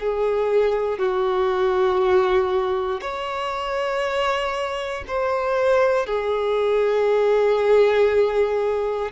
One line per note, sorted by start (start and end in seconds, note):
0.00 0.99 G#4
0.99 3.01 F#4
3.01 5.04 C#5
5.08 6.06 C5
6.06 9.12 G#4